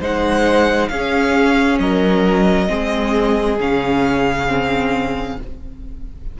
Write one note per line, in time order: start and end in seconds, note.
0.00 0.90 G#3
0.00 0.91 D#4
0.00 0.90 C5
0.00 0.88 F#5
0.88 1.79 C#4
0.88 2.67 C#4
0.88 1.81 G#4
0.88 1.78 F5
1.79 2.68 F#3
1.79 2.69 A#4
1.79 3.59 D#5
2.67 3.59 G#3
2.67 3.57 C4
2.67 5.38 G#4
3.59 5.38 C#3
3.59 4.47 C#4
3.59 5.40 F5
4.47 5.37 C4